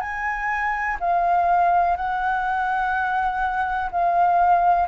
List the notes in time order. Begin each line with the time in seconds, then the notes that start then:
0.00 G#5
1.00 F5
1.96 F#5
3.91 F5